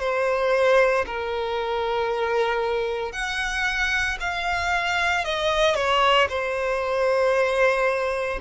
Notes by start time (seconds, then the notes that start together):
0.00 C5
1.06 A#4
3.12 F#5
4.20 F5
5.25 D#5
5.75 C#5
6.29 C5